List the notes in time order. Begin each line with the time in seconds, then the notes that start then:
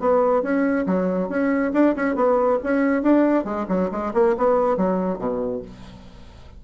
0.00 B3
0.43 C#4
0.86 F#3
1.29 C#4
1.74 D4
1.96 C#4
2.16 B3
2.63 C#4
3.03 D4
3.45 G#3
3.69 F#3
3.92 G#3
4.14 A#3
4.37 B3
4.77 F#3
5.19 B2